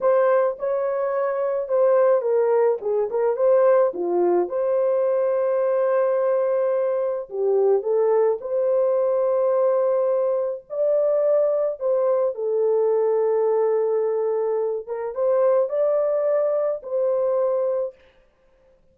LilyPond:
\new Staff \with { instrumentName = "horn" } { \time 4/4 \tempo 4 = 107 c''4 cis''2 c''4 | ais'4 gis'8 ais'8 c''4 f'4 | c''1~ | c''4 g'4 a'4 c''4~ |
c''2. d''4~ | d''4 c''4 a'2~ | a'2~ a'8 ais'8 c''4 | d''2 c''2 | }